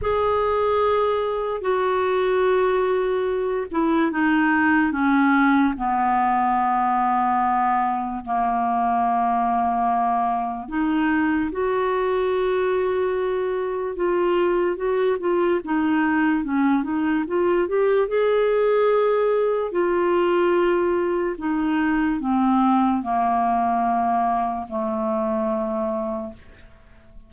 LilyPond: \new Staff \with { instrumentName = "clarinet" } { \time 4/4 \tempo 4 = 73 gis'2 fis'2~ | fis'8 e'8 dis'4 cis'4 b4~ | b2 ais2~ | ais4 dis'4 fis'2~ |
fis'4 f'4 fis'8 f'8 dis'4 | cis'8 dis'8 f'8 g'8 gis'2 | f'2 dis'4 c'4 | ais2 a2 | }